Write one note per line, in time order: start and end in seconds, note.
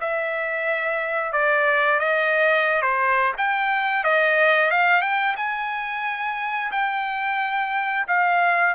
0.00 1.32 E5
1.32 1.99 D5
1.99 2.82 D#5
2.82 3.32 C5
3.37 4.04 G5
4.04 4.71 D#5
4.71 5.01 F5
5.01 5.35 G5
5.36 6.71 G#5
6.71 8.06 G5
8.07 8.75 F5